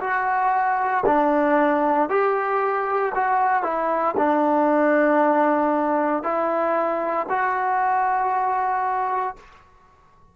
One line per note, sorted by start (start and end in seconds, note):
0.00 1.03 F#4
1.06 2.09 D4
2.09 3.12 G4
3.15 3.63 F#4
3.63 4.15 E4
4.17 6.23 D4
6.23 7.26 E4
7.29 9.36 F#4